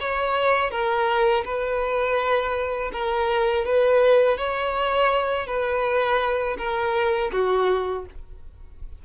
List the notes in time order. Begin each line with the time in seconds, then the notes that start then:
0.00 C#5
0.71 A#4
1.45 B4
2.92 A#4
3.65 B4
4.38 C#5
5.47 B4
6.58 A#4
7.32 F#4